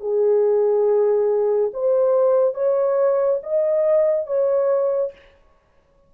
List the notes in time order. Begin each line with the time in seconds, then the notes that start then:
0.00 G#4
1.73 C5
2.54 C#5
3.43 D#5
4.27 C#5